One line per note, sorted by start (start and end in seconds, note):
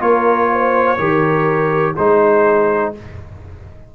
0.00 0.97 A#3
0.00 0.97 F4
0.00 0.49 A#4
0.00 1.95 C#5
0.52 0.98 C5
0.98 1.95 D#3
0.98 1.95 G4
0.98 1.95 A#4
1.96 2.95 G#3
1.96 2.95 D#4
1.96 2.93 G#4
1.96 2.93 C5